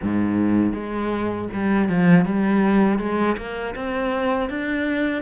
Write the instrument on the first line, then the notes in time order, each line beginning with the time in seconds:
cello
0.02 G#2
0.73 G#3
1.53 G3
1.89 F3
2.25 G3
2.99 G#3
3.37 A#3
3.75 C4
4.49 D4